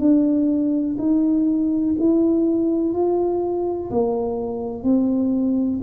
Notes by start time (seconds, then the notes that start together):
0.00 D4
0.99 D#4
1.99 E4
2.93 F4
3.91 A#3
4.83 C4